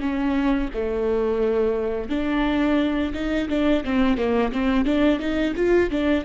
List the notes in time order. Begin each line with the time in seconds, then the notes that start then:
0.00 C#4
0.74 A3
2.10 D4
3.14 D#4
3.49 D4
3.84 C4
4.17 A#3
4.52 C4
4.85 D4
5.19 D#4
5.56 F4
5.90 D4